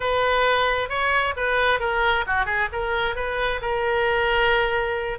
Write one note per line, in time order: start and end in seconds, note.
0.00 0.89 B4
0.89 1.34 C#5
1.36 1.79 B4
1.79 2.24 A#4
2.26 2.45 F#4
2.45 2.68 G#4
2.72 3.15 A#4
3.15 3.60 B4
3.61 5.19 A#4